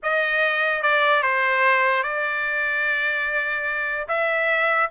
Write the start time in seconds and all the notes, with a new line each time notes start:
0.02 D#5
0.82 D5
1.22 C5
2.03 D5
4.08 E5